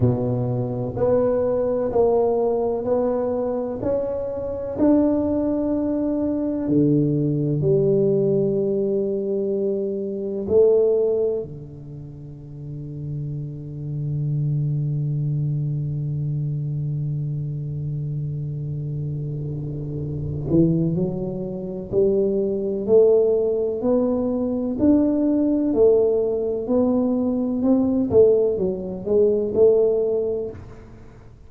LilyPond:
\new Staff \with { instrumentName = "tuba" } { \time 4/4 \tempo 4 = 63 b,4 b4 ais4 b4 | cis'4 d'2 d4 | g2. a4 | d1~ |
d1~ | d4. e8 fis4 g4 | a4 b4 d'4 a4 | b4 c'8 a8 fis8 gis8 a4 | }